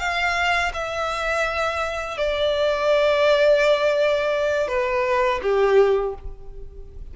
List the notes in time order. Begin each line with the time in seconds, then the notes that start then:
0.00 F5
0.74 E5
2.18 D5
4.68 B4
5.42 G4